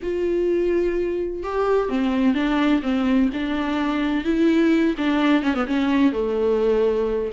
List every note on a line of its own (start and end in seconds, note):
0.02 1.43 F4
1.43 1.89 G4
1.89 2.34 C4
2.34 2.81 D4
2.82 3.29 C4
3.33 4.24 D4
4.24 4.95 E4
4.97 5.42 D4
5.42 5.54 C#4
5.54 5.66 B3
5.66 6.12 C#4
6.12 7.30 A3